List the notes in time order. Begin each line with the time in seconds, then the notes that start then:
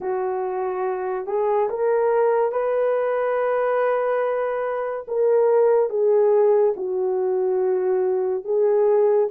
0.00 F#4
1.26 G#4
1.69 A#4
2.52 B4
5.07 A#4
5.89 G#4
6.76 F#4
8.44 G#4